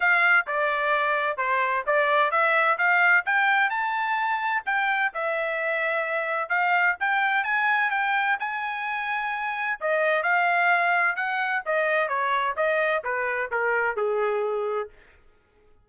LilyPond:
\new Staff \with { instrumentName = "trumpet" } { \time 4/4 \tempo 4 = 129 f''4 d''2 c''4 | d''4 e''4 f''4 g''4 | a''2 g''4 e''4~ | e''2 f''4 g''4 |
gis''4 g''4 gis''2~ | gis''4 dis''4 f''2 | fis''4 dis''4 cis''4 dis''4 | b'4 ais'4 gis'2 | }